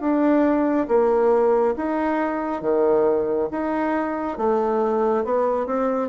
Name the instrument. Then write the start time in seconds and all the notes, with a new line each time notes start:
bassoon
0.00 D4
0.88 A#3
1.76 D#4
2.61 D#3
3.51 D#4
4.38 A3
5.24 B3
5.66 C4